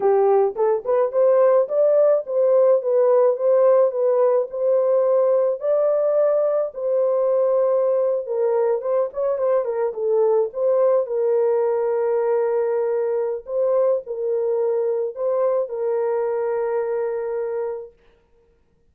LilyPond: \new Staff \with { instrumentName = "horn" } { \time 4/4 \tempo 4 = 107 g'4 a'8 b'8 c''4 d''4 | c''4 b'4 c''4 b'4 | c''2 d''2 | c''2~ c''8. ais'4 c''16~ |
c''16 cis''8 c''8 ais'8 a'4 c''4 ais'16~ | ais'1 | c''4 ais'2 c''4 | ais'1 | }